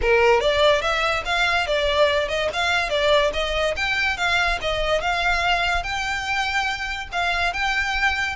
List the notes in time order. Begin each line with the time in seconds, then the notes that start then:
0.01 A#4
0.40 D5
0.81 E5
1.25 F5
1.66 D5
2.28 D#5
2.53 F5
2.89 D5
3.33 D#5
3.76 G5
4.17 F5
4.61 D#5
5.01 F5
5.83 G5
7.12 F5
7.53 G5